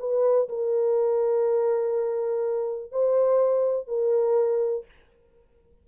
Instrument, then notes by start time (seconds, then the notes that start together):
horn
0.00 B4
0.49 A#4
2.92 C5
3.88 A#4